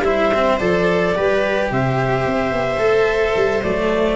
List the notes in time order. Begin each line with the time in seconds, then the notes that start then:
0.00 G3 E4 C5 E5
0.34 C4
0.59 F3 A4 D5
1.16 G3 G4 B4
1.71 C3 C5 E5
2.26 C4
2.51 B3
2.78 A3 A4
3.36 G3
3.63 F#3 A3 D5